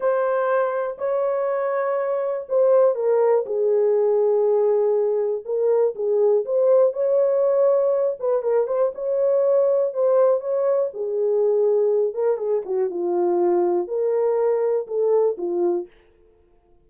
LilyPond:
\new Staff \with { instrumentName = "horn" } { \time 4/4 \tempo 4 = 121 c''2 cis''2~ | cis''4 c''4 ais'4 gis'4~ | gis'2. ais'4 | gis'4 c''4 cis''2~ |
cis''8 b'8 ais'8 c''8 cis''2 | c''4 cis''4 gis'2~ | gis'8 ais'8 gis'8 fis'8 f'2 | ais'2 a'4 f'4 | }